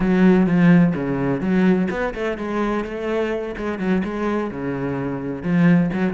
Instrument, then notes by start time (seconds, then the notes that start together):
cello
0.00 F#3
0.46 F3
0.94 C#3
1.40 F#3
1.90 B3
2.14 A3
2.37 G#3
2.84 A3
3.57 G#3
3.78 F#3
4.04 G#3
4.51 C#3
5.42 F3
5.92 F#3